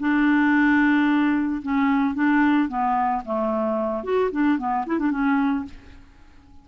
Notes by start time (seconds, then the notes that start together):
0.00 D4
1.62 C#4
2.15 D4
2.69 B3
3.25 A3
4.04 F#4
4.31 D4
4.58 B3
4.86 E4
4.99 D4
5.11 C#4